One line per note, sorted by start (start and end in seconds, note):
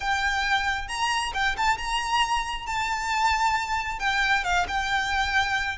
0.00 0.88 G5
0.88 1.32 A#5
1.34 1.56 G5
1.57 1.77 A5
1.77 2.66 A#5
2.66 3.99 A5
3.99 4.43 G5
4.44 4.66 F5
4.67 5.78 G5